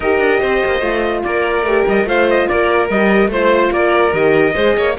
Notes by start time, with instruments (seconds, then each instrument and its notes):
0.00 cello D#4, horn G4, violin A#4, trumpet D#5
0.18 cello D4
0.40 cello C4, violin C5
0.65 cello A#3
0.81 cello A3, horn F4
1.23 cello A#3, violin A#4, trumpet D5
1.62 cello A3, horn G4
1.87 cello G3, trumpet D#5
2.04 cello A3, horn F4, violin C5, trumpet F5
2.29 trumpet D#5
2.47 cello A#3, violin A#4, trumpet D5
2.89 cello G3, horn G4, trumpet D#5
3.28 cello A3, horn F4, violin C5, trumpet C5
3.71 cello A#3, violin A#4, trumpet D5
4.12 cello D#3, horn G4, trumpet D#5
4.54 cello G#3, horn G#4, violin C5
4.76 cello A#3, violin C#5